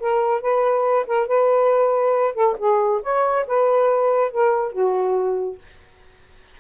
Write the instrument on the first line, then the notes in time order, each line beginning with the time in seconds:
saxophone
0.00 A#4
0.41 B4
1.07 A#4
1.27 B4
2.34 A4
2.58 G#4
3.03 C#5
3.47 B4
4.31 A#4
4.72 F#4